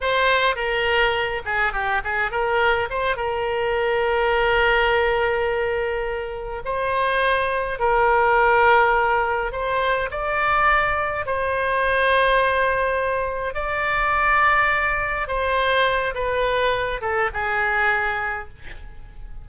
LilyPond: \new Staff \with { instrumentName = "oboe" } { \time 4/4 \tempo 4 = 104 c''4 ais'4. gis'8 g'8 gis'8 | ais'4 c''8 ais'2~ ais'8~ | ais'2.~ ais'8 c''8~ | c''4. ais'2~ ais'8~ |
ais'8 c''4 d''2 c''8~ | c''2.~ c''8 d''8~ | d''2~ d''8 c''4. | b'4. a'8 gis'2 | }